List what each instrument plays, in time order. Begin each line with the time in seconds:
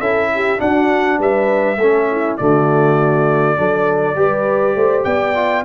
0.00 tuba C#4, trombone E4, horn A4, trumpet E5
0.35 horn G4
0.58 trombone D4, tuba D4, horn F#4, trumpet F#5
1.19 tuba G3, horn B4, trumpet E5
1.78 tuba A3, trombone C#4, horn A4
2.11 horn E4
2.37 tuba D3, trombone A3, horn F#4, trumpet D5
3.57 tuba F#3, trombone D4, horn A4
4.16 tuba G3, trombone G4, horn B4
4.75 tuba A3, horn C5
5.04 tuba B3, horn D5, trumpet G5
5.35 trombone F4